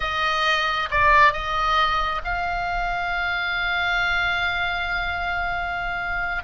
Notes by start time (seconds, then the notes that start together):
0.00 D#5
0.91 D5
1.32 D#5
2.24 F5